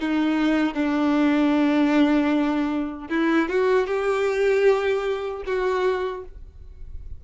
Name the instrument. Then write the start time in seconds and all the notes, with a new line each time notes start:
violin
0.00 D#4
0.74 D4
3.10 E4
3.49 F#4
3.87 G4
5.46 F#4